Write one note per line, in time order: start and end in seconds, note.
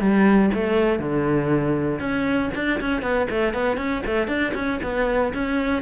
0.00 0.50 G3
0.54 0.99 A3
0.99 2.00 D3
2.00 2.50 C#4
2.55 2.80 D4
2.81 3.02 C#4
3.02 3.28 B3
3.30 3.54 A3
3.54 3.77 B3
3.77 4.03 C#4
4.06 4.28 A3
4.28 4.53 D4
4.54 4.80 C#4
4.83 5.33 B3
5.34 5.82 C#4